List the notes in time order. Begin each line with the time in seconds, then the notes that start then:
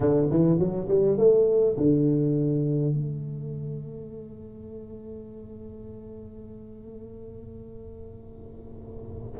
0.00 D3
0.30 E3
0.58 F#3
0.88 G3
1.17 A3
1.77 D3
2.93 A3